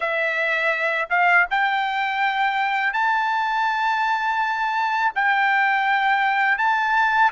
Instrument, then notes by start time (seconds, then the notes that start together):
trumpet
0.00 E5
1.09 F5
1.50 G5
2.93 A5
5.15 G5
6.58 A5